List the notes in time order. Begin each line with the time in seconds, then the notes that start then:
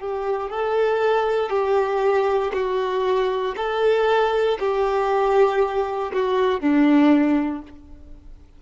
0.00 G4
0.50 A4
1.50 G4
2.53 F#4
3.57 A4
4.59 G4
6.13 F#4
6.61 D4